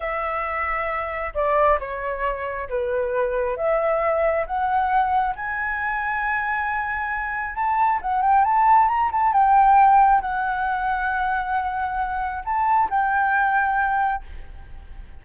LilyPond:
\new Staff \with { instrumentName = "flute" } { \time 4/4 \tempo 4 = 135 e''2. d''4 | cis''2 b'2 | e''2 fis''2 | gis''1~ |
gis''4 a''4 fis''8 g''8 a''4 | ais''8 a''8 g''2 fis''4~ | fis''1 | a''4 g''2. | }